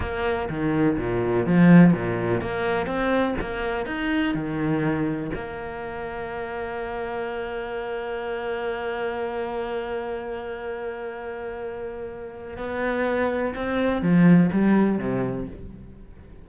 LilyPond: \new Staff \with { instrumentName = "cello" } { \time 4/4 \tempo 4 = 124 ais4 dis4 ais,4 f4 | ais,4 ais4 c'4 ais4 | dis'4 dis2 ais4~ | ais1~ |
ais1~ | ais1~ | ais2 b2 | c'4 f4 g4 c4 | }